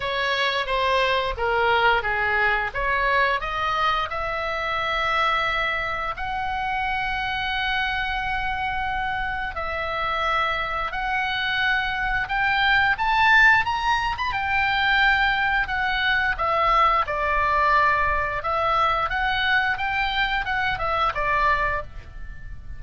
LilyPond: \new Staff \with { instrumentName = "oboe" } { \time 4/4 \tempo 4 = 88 cis''4 c''4 ais'4 gis'4 | cis''4 dis''4 e''2~ | e''4 fis''2.~ | fis''2 e''2 |
fis''2 g''4 a''4 | ais''8. b''16 g''2 fis''4 | e''4 d''2 e''4 | fis''4 g''4 fis''8 e''8 d''4 | }